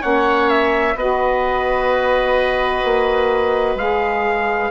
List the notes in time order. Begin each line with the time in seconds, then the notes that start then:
0.00 A#3 C#4 C#5 F#5
0.50 E5
0.95 B3 F#4 B4 D#5
2.84 A#3
3.76 G#3 G#4 F5